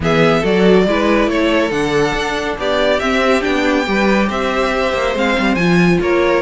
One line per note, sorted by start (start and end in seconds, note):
0.00 0.41 E3
0.00 0.43 B3
0.00 0.40 G#4
0.00 0.44 E5
0.40 0.86 F#3
0.40 0.86 F#4
0.40 0.83 A4
0.40 1.29 D5
0.86 1.27 G#3
0.86 1.71 E4
0.86 1.29 B4
1.27 1.70 A3
1.27 2.58 A4
1.27 1.71 C#5
1.71 2.13 D3
1.71 2.99 D4
1.71 2.57 F#5
2.14 2.57 D4
2.58 3.00 B3
2.58 3.87 G4
2.58 2.99 D5
2.99 3.41 C4
2.99 3.44 C4
2.99 3.42 E5
3.41 3.87 B3
3.41 3.84 D4
3.41 4.29 G5
3.86 4.29 G3
3.86 5.14 G4
3.86 4.27 B4
4.27 4.93 C4
4.27 5.98 C5
4.27 5.16 E5
4.93 5.14 A#3
5.14 5.36 G#3
5.14 5.57 C4
5.14 5.55 F5
5.38 5.55 G3
5.55 5.98 F3
5.55 6.42 F4
5.55 5.97 G#5
6.01 6.42 A#3
6.01 6.42 A#4
6.01 6.42 C#5